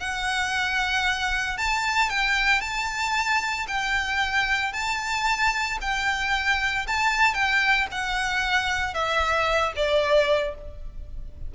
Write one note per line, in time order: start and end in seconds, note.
0.00 1.58 F#5
1.58 2.10 A5
2.10 2.61 G5
2.61 3.66 A5
3.67 4.73 G5
4.73 5.78 A5
5.81 6.86 G5
6.87 7.34 A5
7.34 7.87 G5
7.91 8.94 F#5
8.94 9.73 E5
9.76 10.55 D5